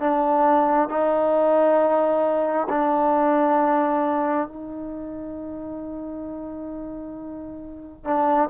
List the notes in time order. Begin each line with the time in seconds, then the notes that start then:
0.00 D4
0.89 D#4
2.69 D4
4.48 D#4
8.04 D4